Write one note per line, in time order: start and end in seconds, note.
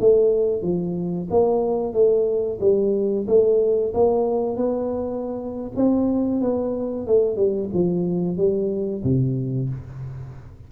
0.00 0.62 A3
0.62 1.28 F3
1.30 1.93 A#3
1.93 2.59 A3
2.60 3.26 G3
3.27 3.93 A3
3.94 4.56 A#3
4.56 5.72 B3
5.76 6.41 C4
6.41 7.07 B3
7.07 7.36 A3
7.36 7.69 G3
7.74 8.37 F3
8.37 9.03 G3
9.03 9.69 C3